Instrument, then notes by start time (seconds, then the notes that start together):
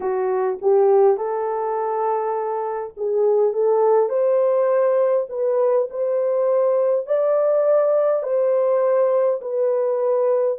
horn
0.00 F#4
0.61 G4
1.17 A4
2.97 G#4
3.53 A4
4.09 C5
5.29 B4
5.90 C5
7.06 D5
8.22 C5
9.41 B4